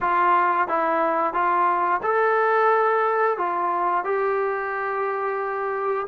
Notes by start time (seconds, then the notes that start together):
0.00 F4
0.68 E4
1.33 F4
2.02 A4
3.37 F4
4.04 G4